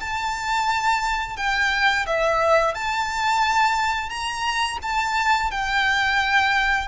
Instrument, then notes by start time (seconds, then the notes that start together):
violin
0.00 A5
1.37 G5
2.07 E5
2.74 A5
4.09 A#5
4.82 A5
5.51 G5